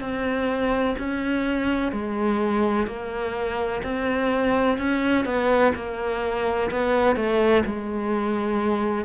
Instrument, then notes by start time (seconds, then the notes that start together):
cello
0.00 C4
0.98 C#4
1.91 G#3
2.86 A#3
3.83 C4
4.77 C#4
5.25 B3
5.74 A#3
6.71 B3
7.16 A3
7.65 G#3